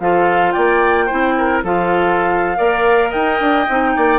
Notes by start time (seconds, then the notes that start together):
0.00 F3 F4 A4 F5
0.52 A#3 D5 G5
1.06 C4 E4 C5
1.38 A#4
1.64 F3 F4 A4 F5
2.57 A#3 A#4 D5
3.09 D#4 D#5 G5
3.40 D4
3.69 C4 D#4
3.96 A#3 D5